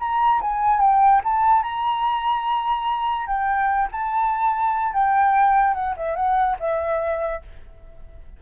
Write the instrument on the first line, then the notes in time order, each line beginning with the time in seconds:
flute
0.00 A#5
0.41 G#5
0.80 G5
1.24 A5
1.63 A#5
3.27 G5
3.92 A5
4.93 G5
5.74 F#5
5.97 E5
6.16 F#5
6.60 E5